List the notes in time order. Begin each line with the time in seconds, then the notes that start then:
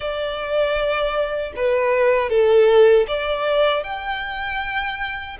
0.00 D5
1.56 B4
2.29 A4
3.07 D5
3.83 G5